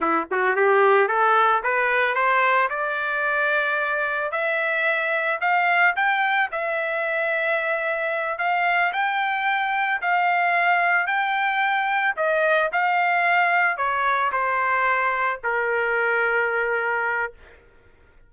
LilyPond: \new Staff \with { instrumentName = "trumpet" } { \time 4/4 \tempo 4 = 111 e'8 fis'8 g'4 a'4 b'4 | c''4 d''2. | e''2 f''4 g''4 | e''2.~ e''8 f''8~ |
f''8 g''2 f''4.~ | f''8 g''2 dis''4 f''8~ | f''4. cis''4 c''4.~ | c''8 ais'2.~ ais'8 | }